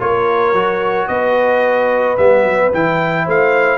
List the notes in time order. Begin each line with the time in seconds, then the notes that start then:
0.00 A#3 F4 A#4 C#5
0.53 F#3 F#4
1.08 B3 B4 D#5
2.18 G3 B3 E5
2.45 F#3
2.74 E3 E4 G5
3.26 A3 C5 F5